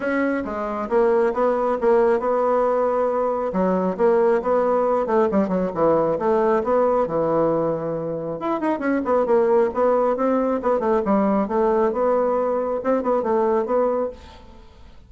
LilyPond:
\new Staff \with { instrumentName = "bassoon" } { \time 4/4 \tempo 4 = 136 cis'4 gis4 ais4 b4 | ais4 b2. | fis4 ais4 b4. a8 | g8 fis8 e4 a4 b4 |
e2. e'8 dis'8 | cis'8 b8 ais4 b4 c'4 | b8 a8 g4 a4 b4~ | b4 c'8 b8 a4 b4 | }